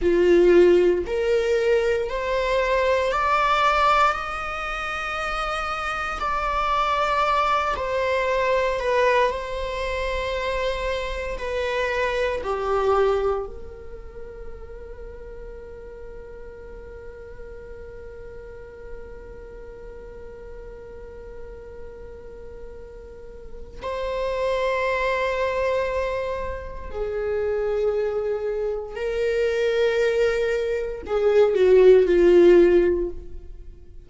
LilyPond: \new Staff \with { instrumentName = "viola" } { \time 4/4 \tempo 4 = 58 f'4 ais'4 c''4 d''4 | dis''2 d''4. c''8~ | c''8 b'8 c''2 b'4 | g'4 ais'2.~ |
ais'1~ | ais'2. c''4~ | c''2 gis'2 | ais'2 gis'8 fis'8 f'4 | }